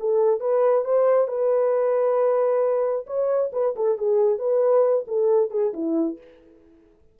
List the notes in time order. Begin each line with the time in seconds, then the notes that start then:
0.00 A4
0.40 B4
0.85 C5
1.28 B4
3.07 C#5
3.53 B4
3.76 A4
3.98 G#4
4.39 B4
5.07 A4
5.51 G#4
5.74 E4